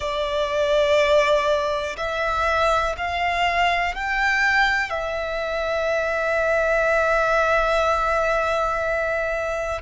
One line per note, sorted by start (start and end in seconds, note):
0.00 1.96 D5
1.97 2.95 E5
2.97 3.94 F5
3.94 4.90 G5
4.90 9.81 E5